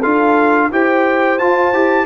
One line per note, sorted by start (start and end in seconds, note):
0.00 0.71 D4
0.00 0.70 F4
0.00 0.68 A4
0.00 0.70 F5
0.71 1.39 E4
0.71 1.39 G4
0.71 2.06 C5
0.71 1.38 G5
1.38 1.73 F4
1.38 2.06 A5
1.73 2.06 E4
1.73 2.06 G4